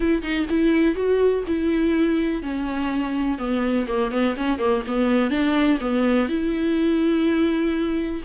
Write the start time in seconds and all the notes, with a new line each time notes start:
0.00 E4
0.22 D#4
0.49 E4
0.95 F#4
1.47 E4
2.42 C#4
3.38 B3
3.87 A#3
4.11 B3
4.37 C#4
4.58 A#3
4.87 B3
5.30 D4
5.80 B3
6.28 E4